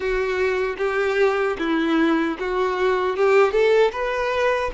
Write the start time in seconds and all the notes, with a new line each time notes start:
0.00 F#4
0.77 G4
1.58 E4
2.39 F#4
3.16 G4
3.51 A4
3.92 B4